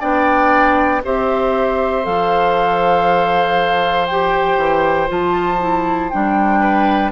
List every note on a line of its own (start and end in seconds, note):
0.00 1.04 B3
0.00 1.02 D4
0.00 1.02 D5
0.00 1.02 G5
1.04 2.06 C4
1.04 2.03 G4
1.04 6.60 C5
1.04 2.06 E5
2.03 4.57 F3
2.03 4.07 A4
2.03 4.06 F5
4.06 5.08 G4
4.06 5.08 G5
4.57 5.08 E3
5.08 6.12 F3
5.08 5.59 F4
5.08 6.10 A5
5.60 6.11 E4
6.10 7.12 G3
6.10 7.12 D4
6.10 7.11 G5
6.60 7.11 B4